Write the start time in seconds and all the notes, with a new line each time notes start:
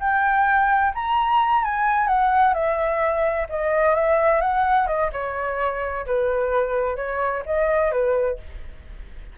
0.00 G5
0.95 A#5
1.64 G#5
2.08 F#5
2.54 E5
3.50 D#5
3.95 E5
4.41 F#5
4.87 D#5
5.13 C#5
6.07 B4
6.97 C#5
7.46 D#5
7.92 B4